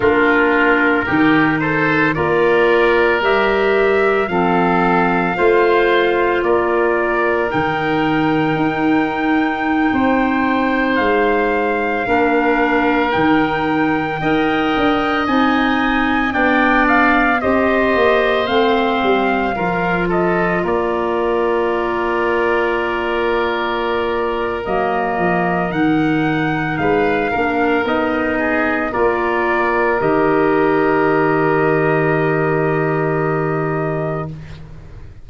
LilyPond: <<
  \new Staff \with { instrumentName = "trumpet" } { \time 4/4 \tempo 4 = 56 ais'4. c''8 d''4 e''4 | f''2 d''4 g''4~ | g''2~ g''16 f''4.~ f''16~ | f''16 g''2 gis''4 g''8 f''16~ |
f''16 dis''4 f''4. dis''8 d''8.~ | d''2. dis''4 | fis''4 f''4 dis''4 d''4 | dis''1 | }
  \new Staff \with { instrumentName = "oboe" } { \time 4/4 f'4 g'8 a'8 ais'2 | a'4 c''4 ais'2~ | ais'4~ ais'16 c''2 ais'8.~ | ais'4~ ais'16 dis''2 d''8.~ |
d''16 c''2 ais'8 a'8 ais'8.~ | ais'1~ | ais'4 b'8 ais'4 gis'8 ais'4~ | ais'1 | }
  \new Staff \with { instrumentName = "clarinet" } { \time 4/4 d'4 dis'4 f'4 g'4 | c'4 f'2 dis'4~ | dis'2.~ dis'16 d'8.~ | d'16 dis'4 ais'4 dis'4 d'8.~ |
d'16 g'4 c'4 f'4.~ f'16~ | f'2. ais4 | dis'4. d'8 dis'4 f'4 | g'1 | }
  \new Staff \with { instrumentName = "tuba" } { \time 4/4 ais4 dis4 ais4 g4 | f4 a4 ais4 dis4 | dis'4~ dis'16 c'4 gis4 ais8.~ | ais16 dis4 dis'8 d'8 c'4 b8.~ |
b16 c'8 ais8 a8 g8 f4 ais8.~ | ais2. fis8 f8 | dis4 gis8 ais8 b4 ais4 | dis1 | }
>>